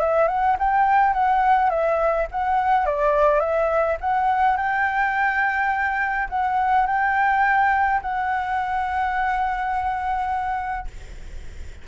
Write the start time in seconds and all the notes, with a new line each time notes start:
0.00 E5
0.28 F#5
0.59 G5
1.14 F#5
1.70 E5
2.31 F#5
2.86 D5
3.40 E5
4.01 F#5
4.57 G5
6.29 F#5
6.86 G5
8.02 F#5